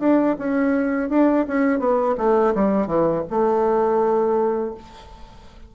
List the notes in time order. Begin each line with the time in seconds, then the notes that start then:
0.00 D4
0.38 C#4
1.10 D4
1.48 C#4
1.79 B3
2.18 A3
2.55 G3
2.87 E3
3.30 A3